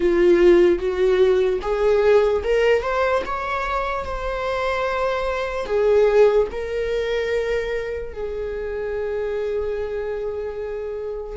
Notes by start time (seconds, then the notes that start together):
0.00 F4
0.78 F#4
1.61 G#4
2.43 A#4
2.82 C5
3.25 C#5
4.05 C5
5.66 G#4
6.51 A#4
8.13 G#4